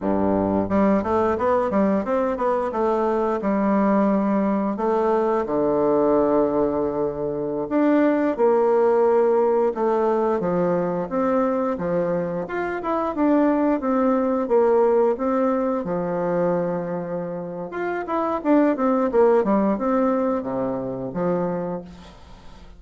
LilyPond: \new Staff \with { instrumentName = "bassoon" } { \time 4/4 \tempo 4 = 88 g,4 g8 a8 b8 g8 c'8 b8 | a4 g2 a4 | d2.~ d16 d'8.~ | d'16 ais2 a4 f8.~ |
f16 c'4 f4 f'8 e'8 d'8.~ | d'16 c'4 ais4 c'4 f8.~ | f2 f'8 e'8 d'8 c'8 | ais8 g8 c'4 c4 f4 | }